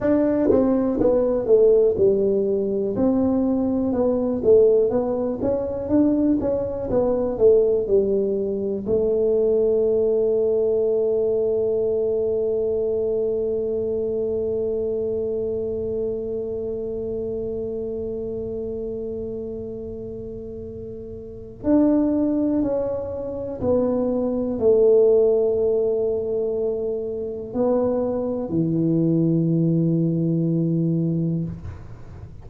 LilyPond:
\new Staff \with { instrumentName = "tuba" } { \time 4/4 \tempo 4 = 61 d'8 c'8 b8 a8 g4 c'4 | b8 a8 b8 cis'8 d'8 cis'8 b8 a8 | g4 a2.~ | a1~ |
a1~ | a2 d'4 cis'4 | b4 a2. | b4 e2. | }